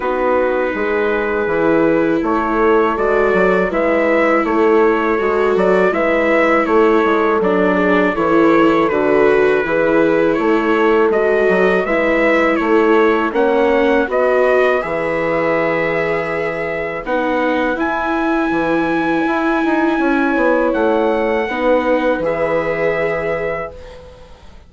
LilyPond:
<<
  \new Staff \with { instrumentName = "trumpet" } { \time 4/4 \tempo 4 = 81 b'2. cis''4 | d''4 e''4 cis''4. d''8 | e''4 cis''4 d''4 cis''4 | b'2 cis''4 dis''4 |
e''4 cis''4 fis''4 dis''4 | e''2. fis''4 | gis''1 | fis''2 e''2 | }
  \new Staff \with { instrumentName = "horn" } { \time 4/4 fis'4 gis'2 a'4~ | a'4 b'4 a'2 | b'4 a'4. gis'8 a'4~ | a'4 gis'4 a'2 |
b'4 a'4 cis''4 b'4~ | b'1~ | b'2. cis''4~ | cis''4 b'2. | }
  \new Staff \with { instrumentName = "viola" } { \time 4/4 dis'2 e'2 | fis'4 e'2 fis'4 | e'2 d'4 e'4 | fis'4 e'2 fis'4 |
e'2 cis'4 fis'4 | gis'2. dis'4 | e'1~ | e'4 dis'4 gis'2 | }
  \new Staff \with { instrumentName = "bassoon" } { \time 4/4 b4 gis4 e4 a4 | gis8 fis8 gis4 a4 gis8 fis8 | gis4 a8 gis8 fis4 e4 | d4 e4 a4 gis8 fis8 |
gis4 a4 ais4 b4 | e2. b4 | e'4 e4 e'8 dis'8 cis'8 b8 | a4 b4 e2 | }
>>